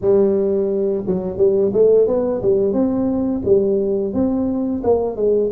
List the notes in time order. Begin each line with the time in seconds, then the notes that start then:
0.01 G3
1.07 F#3
1.37 G3
1.73 A3
2.07 B3
2.42 G3
2.72 C4
3.44 G3
4.13 C4
4.83 A#3
5.15 G#3